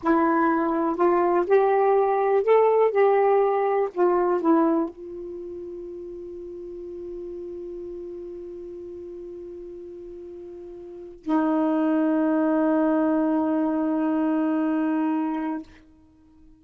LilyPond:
\new Staff \with { instrumentName = "saxophone" } { \time 4/4 \tempo 4 = 123 e'2 f'4 g'4~ | g'4 a'4 g'2 | f'4 e'4 f'2~ | f'1~ |
f'1~ | f'2. dis'4~ | dis'1~ | dis'1 | }